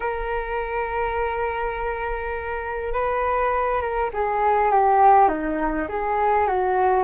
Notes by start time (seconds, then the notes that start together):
0.00 A#4
2.93 B4
3.81 A#4
4.13 G#4
4.71 G4
5.28 D#4
5.88 G#4
6.47 F#4